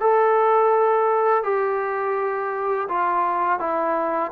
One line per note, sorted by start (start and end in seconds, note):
0.00 1.43 A4
1.43 2.88 G4
2.88 3.59 F4
3.59 4.31 E4